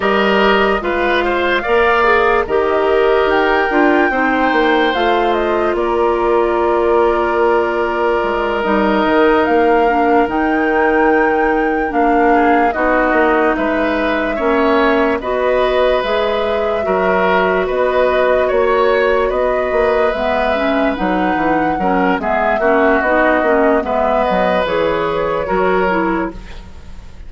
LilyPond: <<
  \new Staff \with { instrumentName = "flute" } { \time 4/4 \tempo 4 = 73 dis''4 f''2 dis''4 | g''2 f''8 dis''8 d''4~ | d''2~ d''8 dis''4 f''8~ | f''8 g''2 f''4 dis''8~ |
dis''8 e''2 dis''4 e''8~ | e''4. dis''4 cis''4 dis''8~ | dis''8 e''4 fis''4. e''4 | dis''4 e''8 dis''8 cis''2 | }
  \new Staff \with { instrumentName = "oboe" } { \time 4/4 ais'4 b'8 c''8 d''4 ais'4~ | ais'4 c''2 ais'4~ | ais'1~ | ais'2. gis'8 fis'8~ |
fis'8 b'4 cis''4 b'4.~ | b'8 ais'4 b'4 cis''4 b'8~ | b'2~ b'8 ais'8 gis'8 fis'8~ | fis'4 b'2 ais'4 | }
  \new Staff \with { instrumentName = "clarinet" } { \time 4/4 g'4 f'4 ais'8 gis'8 g'4~ | g'8 f'8 dis'4 f'2~ | f'2~ f'8 dis'4. | d'8 dis'2 d'4 dis'8~ |
dis'4. cis'4 fis'4 gis'8~ | gis'8 fis'2.~ fis'8~ | fis'8 b8 cis'8 dis'4 cis'8 b8 cis'8 | dis'8 cis'8 b4 gis'4 fis'8 e'8 | }
  \new Staff \with { instrumentName = "bassoon" } { \time 4/4 g4 gis4 ais4 dis4 | dis'8 d'8 c'8 ais8 a4 ais4~ | ais2 gis8 g8 dis8 ais8~ | ais8 dis2 ais4 b8 |
ais8 gis4 ais4 b4 gis8~ | gis8 fis4 b4 ais4 b8 | ais8 gis4 fis8 e8 fis8 gis8 ais8 | b8 ais8 gis8 fis8 e4 fis4 | }
>>